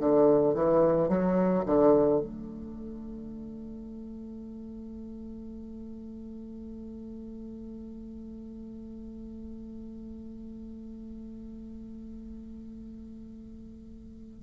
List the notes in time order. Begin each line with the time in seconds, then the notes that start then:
0.00 D3
0.54 E3
1.09 F#3
1.66 D3
2.21 A3